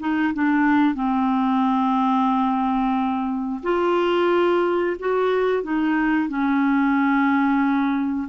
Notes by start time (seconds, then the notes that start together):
0.00 D#4
0.34 D4
0.95 C4
3.63 F4
4.99 F#4
5.63 D#4
6.29 C#4